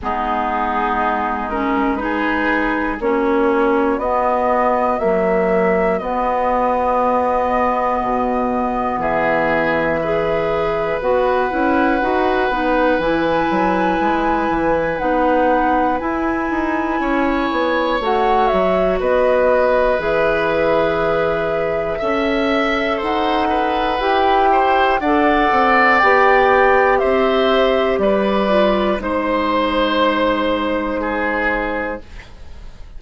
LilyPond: <<
  \new Staff \with { instrumentName = "flute" } { \time 4/4 \tempo 4 = 60 gis'4. ais'8 b'4 cis''4 | dis''4 e''4 dis''2~ | dis''4 e''2 fis''4~ | fis''4 gis''2 fis''4 |
gis''2 fis''8 e''8 dis''4 | e''2. fis''4 | g''4 fis''4 g''4 e''4 | d''4 c''2. | }
  \new Staff \with { instrumentName = "oboe" } { \time 4/4 dis'2 gis'4 fis'4~ | fis'1~ | fis'4 gis'4 b'2~ | b'1~ |
b'4 cis''2 b'4~ | b'2 e''4 c''8 b'8~ | b'8 c''8 d''2 c''4 | b'4 c''2 gis'4 | }
  \new Staff \with { instrumentName = "clarinet" } { \time 4/4 b4. cis'8 dis'4 cis'4 | b4 fis4 b2~ | b2 gis'4 fis'8 e'8 | fis'8 dis'8 e'2 dis'4 |
e'2 fis'2 | gis'2 a'2 | g'4 a'4 g'2~ | g'8 f'8 dis'2. | }
  \new Staff \with { instrumentName = "bassoon" } { \time 4/4 gis2. ais4 | b4 ais4 b2 | b,4 e2 b8 cis'8 | dis'8 b8 e8 fis8 gis8 e8 b4 |
e'8 dis'8 cis'8 b8 a8 fis8 b4 | e2 cis'4 dis'4 | e'4 d'8 c'8 b4 c'4 | g4 gis2. | }
>>